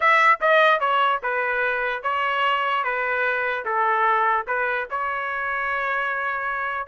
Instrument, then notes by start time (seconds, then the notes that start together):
trumpet
0.00 E5
0.41 D#5
0.79 C#5
1.22 B4
2.03 C#5
2.83 B4
3.65 A4
4.47 B4
4.90 C#5